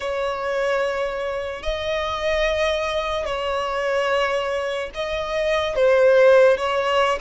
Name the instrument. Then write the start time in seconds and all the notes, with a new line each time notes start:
violin
0.00 C#5
1.63 D#5
3.25 C#5
4.94 D#5
5.75 C5
6.57 C#5